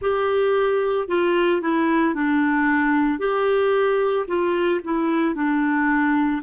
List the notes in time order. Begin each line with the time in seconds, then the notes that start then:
0.01 G4
1.08 F4
1.61 E4
2.14 D4
3.19 G4
4.27 F4
4.84 E4
5.35 D4